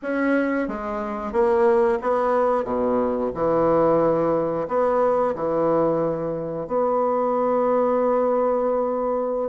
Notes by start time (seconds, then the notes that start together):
0.02 C#4
0.68 G#3
1.32 A#3
2.02 B3
2.64 B2
3.34 E3
4.68 B3
5.35 E3
6.67 B3